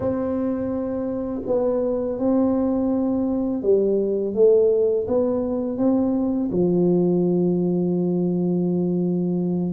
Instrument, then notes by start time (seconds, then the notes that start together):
tuba
0.00 C4
1.46 B3
2.19 C4
3.62 G3
4.34 A3
5.07 B3
5.77 C4
6.51 F3